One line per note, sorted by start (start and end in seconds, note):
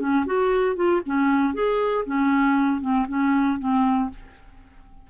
0.00 0.25 C#4
0.26 0.76 F#4
0.76 1.01 F4
1.06 1.54 C#4
1.54 2.05 G#4
2.06 2.81 C#4
2.81 3.07 C4
3.09 3.59 C#4
3.59 4.10 C4